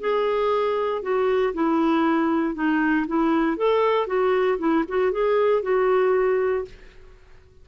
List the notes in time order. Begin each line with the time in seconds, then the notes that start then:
0.00 G#4
1.02 F#4
1.53 E4
2.55 D#4
3.07 E4
3.57 A4
4.07 F#4
4.59 E4
4.88 F#4
5.12 G#4
5.62 F#4